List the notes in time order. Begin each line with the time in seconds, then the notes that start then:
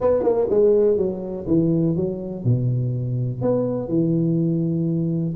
0.00 B3
0.23 A#3
0.50 G#3
0.97 F#3
1.47 E3
1.96 F#3
2.44 B2
3.41 B3
3.88 E3